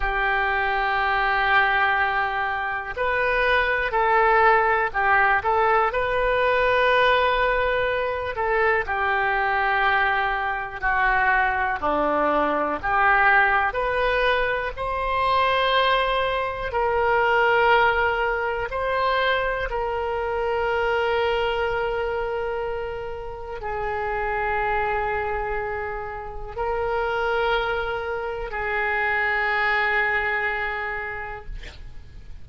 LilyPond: \new Staff \with { instrumentName = "oboe" } { \time 4/4 \tempo 4 = 61 g'2. b'4 | a'4 g'8 a'8 b'2~ | b'8 a'8 g'2 fis'4 | d'4 g'4 b'4 c''4~ |
c''4 ais'2 c''4 | ais'1 | gis'2. ais'4~ | ais'4 gis'2. | }